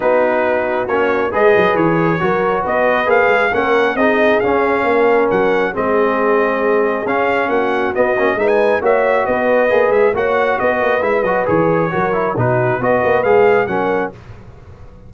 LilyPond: <<
  \new Staff \with { instrumentName = "trumpet" } { \time 4/4 \tempo 4 = 136 b'2 cis''4 dis''4 | cis''2 dis''4 f''4 | fis''4 dis''4 f''2 | fis''4 dis''2. |
f''4 fis''4 dis''4 e''16 gis''8. | e''4 dis''4. e''8 fis''4 | dis''4 e''8 dis''8 cis''2 | b'4 dis''4 f''4 fis''4 | }
  \new Staff \with { instrumentName = "horn" } { \time 4/4 fis'2. b'4~ | b'4 ais'4 b'2 | ais'4 gis'2 ais'4~ | ais'4 gis'2.~ |
gis'4 fis'2 b'4 | cis''4 b'2 cis''4 | b'2. ais'4 | fis'4 b'2 ais'4 | }
  \new Staff \with { instrumentName = "trombone" } { \time 4/4 dis'2 cis'4 gis'4~ | gis'4 fis'2 gis'4 | cis'4 dis'4 cis'2~ | cis'4 c'2. |
cis'2 b8 cis'8 dis'4 | fis'2 gis'4 fis'4~ | fis'4 e'8 fis'8 gis'4 fis'8 e'8 | dis'4 fis'4 gis'4 cis'4 | }
  \new Staff \with { instrumentName = "tuba" } { \time 4/4 b2 ais4 gis8 fis8 | e4 fis4 b4 ais8 gis8 | ais4 c'4 cis'4 ais4 | fis4 gis2. |
cis'4 ais4 b8 ais8 gis4 | ais4 b4 ais8 gis8 ais4 | b8 ais8 gis8 fis8 e4 fis4 | b,4 b8 ais8 gis4 fis4 | }
>>